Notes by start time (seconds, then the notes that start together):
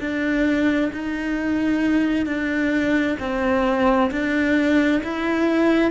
0.00 D4
0.93 D#4
2.26 D4
3.19 C4
4.11 D4
5.03 E4